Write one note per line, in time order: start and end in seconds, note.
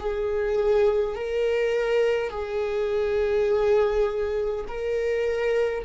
0.00 1.16 G#4
1.16 2.30 A#4
2.30 4.66 G#4
4.68 5.85 A#4